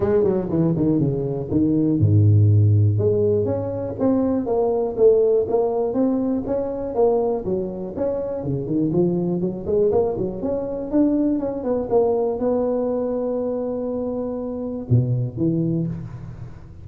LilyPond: \new Staff \with { instrumentName = "tuba" } { \time 4/4 \tempo 4 = 121 gis8 fis8 e8 dis8 cis4 dis4 | gis,2 gis4 cis'4 | c'4 ais4 a4 ais4 | c'4 cis'4 ais4 fis4 |
cis'4 cis8 dis8 f4 fis8 gis8 | ais8 fis8 cis'4 d'4 cis'8 b8 | ais4 b2.~ | b2 b,4 e4 | }